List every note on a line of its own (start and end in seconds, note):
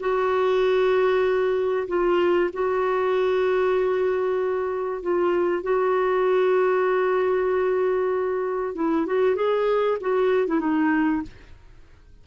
0.00 1.88 F#4
1.88 2.51 F4
2.53 5.02 F#4
5.02 5.63 F4
5.63 8.75 F#4
8.75 9.07 E4
9.07 9.36 F#4
9.36 9.98 G#4
10.01 10.47 F#4
10.47 10.60 E4
10.60 11.22 D#4